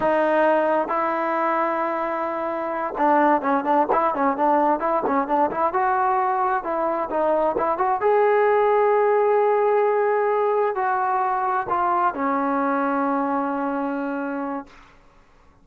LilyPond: \new Staff \with { instrumentName = "trombone" } { \time 4/4 \tempo 4 = 131 dis'2 e'2~ | e'2~ e'8 d'4 cis'8 | d'8 e'8 cis'8 d'4 e'8 cis'8 d'8 | e'8 fis'2 e'4 dis'8~ |
dis'8 e'8 fis'8 gis'2~ gis'8~ | gis'2.~ gis'8 fis'8~ | fis'4. f'4 cis'4.~ | cis'1 | }